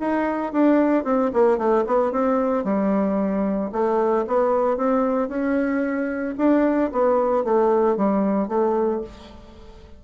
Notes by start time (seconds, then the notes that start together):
0.00 D#4
0.53 D4
1.05 C4
1.34 A#3
1.58 A3
1.87 B3
2.12 C4
2.64 G3
3.72 A3
4.27 B3
4.77 C4
5.29 C#4
6.38 D4
6.92 B3
7.44 A3
7.97 G3
8.48 A3